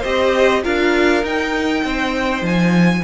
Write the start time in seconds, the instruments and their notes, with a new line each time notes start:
0.00 cello C4, viola G4, violin C5 D#5
0.63 cello D4, viola F4, violin A#4 F5
1.23 cello D#4, viola D#4, violin G5
1.84 cello C4, violin C5
2.41 cello F3, violin G#5